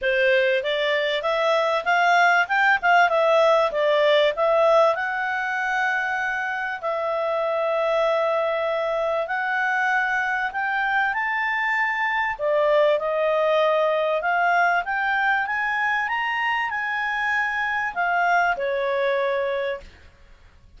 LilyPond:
\new Staff \with { instrumentName = "clarinet" } { \time 4/4 \tempo 4 = 97 c''4 d''4 e''4 f''4 | g''8 f''8 e''4 d''4 e''4 | fis''2. e''4~ | e''2. fis''4~ |
fis''4 g''4 a''2 | d''4 dis''2 f''4 | g''4 gis''4 ais''4 gis''4~ | gis''4 f''4 cis''2 | }